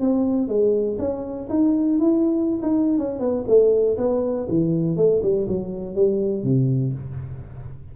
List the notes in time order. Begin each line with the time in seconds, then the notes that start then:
0.00 C4
0.47 G#3
0.98 C#4
1.49 D#4
1.98 E4
2.62 D#4
2.98 C#4
3.19 B3
3.47 A3
3.97 B3
4.48 E3
4.96 A3
5.22 G3
5.47 F#3
5.95 G3
6.43 C3